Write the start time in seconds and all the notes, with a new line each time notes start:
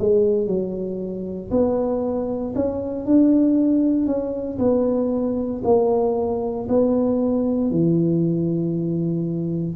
0.00 G#3
0.47 F#3
1.51 B3
2.56 C#4
3.06 D4
4.07 C#4
4.59 B3
5.65 A#3
6.69 B3
7.71 E3